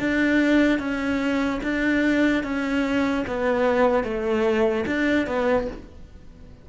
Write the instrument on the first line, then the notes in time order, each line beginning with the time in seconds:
cello
0.00 D4
0.80 C#4
1.63 D4
2.44 C#4
3.27 B3
4.04 A3
4.87 D4
5.27 B3